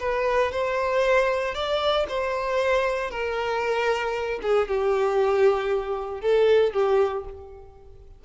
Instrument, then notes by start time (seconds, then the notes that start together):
violin
0.00 B4
0.52 C5
1.55 D5
2.09 C5
3.11 A#4
4.42 G#4
4.68 G4
6.21 A4
6.73 G4